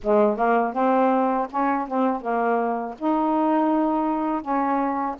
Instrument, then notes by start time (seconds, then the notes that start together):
saxophone
0.03 G#3
0.37 A#3
0.73 C4
1.50 C#4
1.87 C4
2.21 A#3
2.98 D#4
4.41 C#4